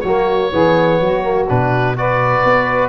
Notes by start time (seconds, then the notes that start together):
0.00 F#3 A#3 F#4 C#5
0.51 E3 B3 G#4
1.00 F#3 F#4
1.22 A#3
1.48 B2 D4 B4
1.96 F#4 B4 D5
2.44 B3